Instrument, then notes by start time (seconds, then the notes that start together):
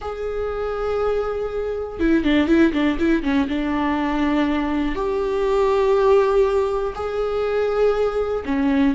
viola
0.01 G#4
1.99 E4
2.24 D4
2.47 E4
2.73 D4
2.98 E4
3.22 C#4
3.48 D4
4.95 G4
6.94 G#4
8.45 C#4